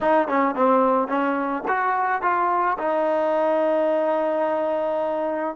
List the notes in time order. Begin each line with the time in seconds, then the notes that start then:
0.00 D#4
0.28 C#4
0.55 C4
1.07 C#4
1.68 F#4
2.21 F4
2.78 D#4